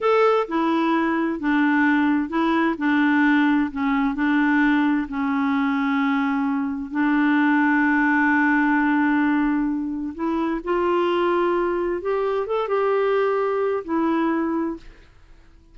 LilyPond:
\new Staff \with { instrumentName = "clarinet" } { \time 4/4 \tempo 4 = 130 a'4 e'2 d'4~ | d'4 e'4 d'2 | cis'4 d'2 cis'4~ | cis'2. d'4~ |
d'1~ | d'2 e'4 f'4~ | f'2 g'4 a'8 g'8~ | g'2 e'2 | }